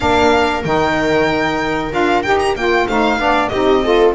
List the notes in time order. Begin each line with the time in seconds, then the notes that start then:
0.00 A#3 D4 A#4 F5
0.64 D#3 D#4 G5
1.91 D4 F4 F5
2.22 D#4 G4 G5
2.38 A#5
2.55 A#3 F4 G5
2.87 A3 D#4 C5 F5
3.17 B3 D4 D5
3.48 C4 D#4 G4 D#5
3.83 F4 A4